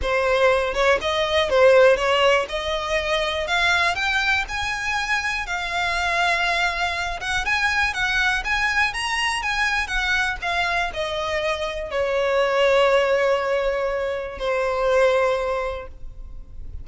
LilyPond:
\new Staff \with { instrumentName = "violin" } { \time 4/4 \tempo 4 = 121 c''4. cis''8 dis''4 c''4 | cis''4 dis''2 f''4 | g''4 gis''2 f''4~ | f''2~ f''8 fis''8 gis''4 |
fis''4 gis''4 ais''4 gis''4 | fis''4 f''4 dis''2 | cis''1~ | cis''4 c''2. | }